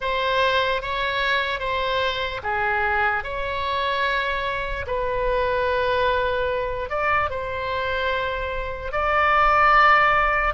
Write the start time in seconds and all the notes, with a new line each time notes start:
0.00 C5
0.82 C#5
1.59 C5
2.43 G#4
3.23 C#5
4.86 B4
6.89 D5
7.30 C5
8.92 D5